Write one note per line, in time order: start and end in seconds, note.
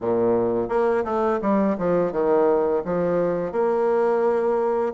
0.00 0.68 A#2
0.68 1.04 A#3
1.04 1.39 A3
1.41 1.76 G3
1.77 2.11 F3
2.11 2.82 D#3
2.84 3.51 F3
3.51 4.93 A#3